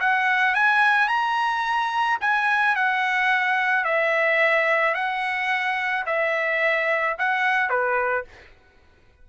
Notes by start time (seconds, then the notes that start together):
0.00 F#5
0.55 G#5
1.08 A#5
2.21 G#5
2.75 F#5
3.84 E5
4.94 F#5
6.06 E5
7.18 F#5
7.69 B4